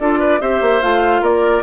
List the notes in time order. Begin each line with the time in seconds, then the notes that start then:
0.00 D4 F4 A4 D5
0.20 B4
0.41 C4 G4 C5 E5
0.62 A#3
0.82 A3 F4 F5
1.22 A#3 A#4 D5